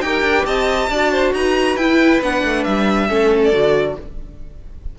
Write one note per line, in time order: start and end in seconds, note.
0.00 0.22 D#4
0.00 0.91 G4
0.00 0.45 A#4
0.00 0.45 G5
0.22 0.43 D4
0.45 0.89 C4
0.45 0.89 D#5
0.45 1.33 A5
0.90 1.33 D4
0.90 1.79 F#4
0.90 1.11 D5
1.11 1.33 C5
1.33 1.76 D#4
1.33 3.07 B4
1.33 1.76 A#5
1.76 2.20 E4
1.76 2.22 E4
1.76 2.20 G5
2.21 2.43 B3
2.21 3.08 D4
2.21 2.63 F#5
2.43 2.65 A3
2.63 3.09 G3
2.63 3.40 E5
3.07 3.52 A3
3.07 3.52 C#4
3.07 3.95 A4
3.43 3.98 D5
3.52 3.96 D3
3.52 3.96 F#4